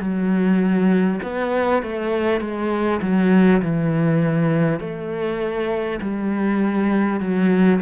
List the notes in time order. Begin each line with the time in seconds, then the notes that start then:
0.00 F#3
1.23 B3
1.83 A3
2.41 G#3
3.02 F#3
3.62 E3
4.80 A3
6.01 G3
7.21 F#3